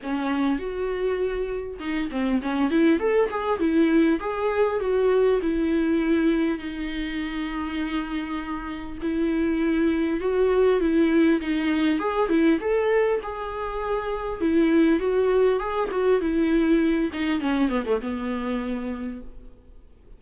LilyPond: \new Staff \with { instrumentName = "viola" } { \time 4/4 \tempo 4 = 100 cis'4 fis'2 dis'8 c'8 | cis'8 e'8 a'8 gis'8 e'4 gis'4 | fis'4 e'2 dis'4~ | dis'2. e'4~ |
e'4 fis'4 e'4 dis'4 | gis'8 e'8 a'4 gis'2 | e'4 fis'4 gis'8 fis'8 e'4~ | e'8 dis'8 cis'8 b16 a16 b2 | }